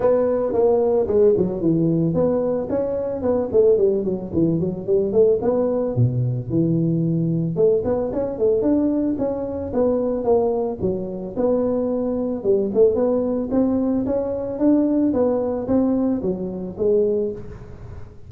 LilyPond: \new Staff \with { instrumentName = "tuba" } { \time 4/4 \tempo 4 = 111 b4 ais4 gis8 fis8 e4 | b4 cis'4 b8 a8 g8 fis8 | e8 fis8 g8 a8 b4 b,4 | e2 a8 b8 cis'8 a8 |
d'4 cis'4 b4 ais4 | fis4 b2 g8 a8 | b4 c'4 cis'4 d'4 | b4 c'4 fis4 gis4 | }